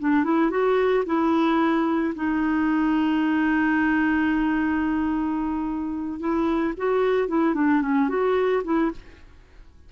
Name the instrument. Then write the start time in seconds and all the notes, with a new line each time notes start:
clarinet
0.00 D4
0.24 E4
0.51 F#4
1.06 E4
2.16 D#4
6.20 E4
6.77 F#4
7.29 E4
7.55 D4
7.82 C#4
8.09 F#4
8.64 E4